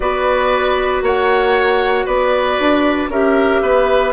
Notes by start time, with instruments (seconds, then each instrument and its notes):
0.00 bassoon B3, clarinet F#4, oboe B4, flute D5
1.02 bassoon A#3, oboe C#5, flute F#5
2.05 bassoon B3, oboe B4, flute D5
2.59 bassoon D4
3.09 bassoon C#4, clarinet G4, oboe A#4, flute E5
3.61 bassoon B3, oboe B4